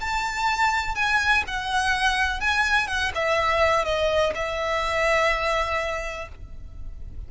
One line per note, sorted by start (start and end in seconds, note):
0.00 0.95 A5
0.95 1.43 G#5
1.47 2.40 F#5
2.40 2.87 G#5
2.87 3.11 F#5
3.15 3.85 E5
3.85 4.33 D#5
4.35 6.28 E5